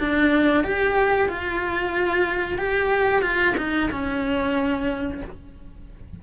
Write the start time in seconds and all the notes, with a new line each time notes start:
0.00 D4
0.64 G4
1.29 F4
2.58 G4
3.23 F4
3.58 D#4
3.91 C#4